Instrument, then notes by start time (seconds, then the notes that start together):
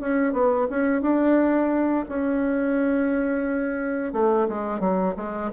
bassoon
0.00 C#4
0.32 B3
0.70 C#4
1.01 D4
2.08 C#4
4.13 A3
4.48 G#3
4.80 F#3
5.16 G#3